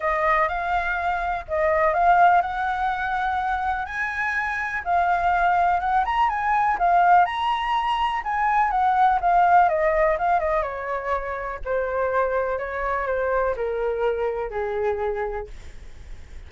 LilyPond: \new Staff \with { instrumentName = "flute" } { \time 4/4 \tempo 4 = 124 dis''4 f''2 dis''4 | f''4 fis''2. | gis''2 f''2 | fis''8 ais''8 gis''4 f''4 ais''4~ |
ais''4 gis''4 fis''4 f''4 | dis''4 f''8 dis''8 cis''2 | c''2 cis''4 c''4 | ais'2 gis'2 | }